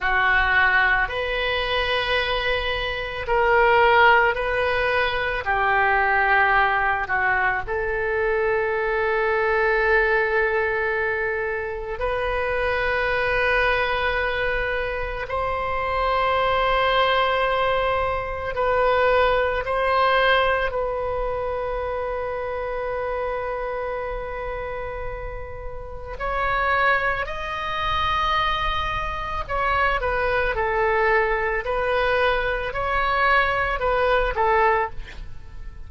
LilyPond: \new Staff \with { instrumentName = "oboe" } { \time 4/4 \tempo 4 = 55 fis'4 b'2 ais'4 | b'4 g'4. fis'8 a'4~ | a'2. b'4~ | b'2 c''2~ |
c''4 b'4 c''4 b'4~ | b'1 | cis''4 dis''2 cis''8 b'8 | a'4 b'4 cis''4 b'8 a'8 | }